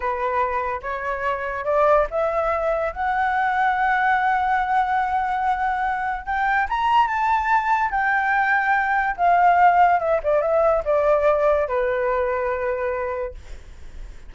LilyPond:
\new Staff \with { instrumentName = "flute" } { \time 4/4 \tempo 4 = 144 b'2 cis''2 | d''4 e''2 fis''4~ | fis''1~ | fis''2. g''4 |
ais''4 a''2 g''4~ | g''2 f''2 | e''8 d''8 e''4 d''2 | b'1 | }